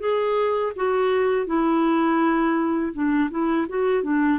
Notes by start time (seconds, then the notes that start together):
0.00 G#4
0.76 F#4
1.47 E4
2.94 D4
3.31 E4
3.70 F#4
4.04 D4